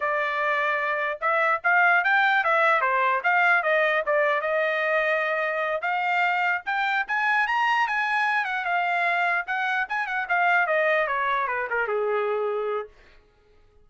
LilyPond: \new Staff \with { instrumentName = "trumpet" } { \time 4/4 \tempo 4 = 149 d''2. e''4 | f''4 g''4 e''4 c''4 | f''4 dis''4 d''4 dis''4~ | dis''2~ dis''8 f''4.~ |
f''8 g''4 gis''4 ais''4 gis''8~ | gis''4 fis''8 f''2 fis''8~ | fis''8 gis''8 fis''8 f''4 dis''4 cis''8~ | cis''8 b'8 ais'8 gis'2~ gis'8 | }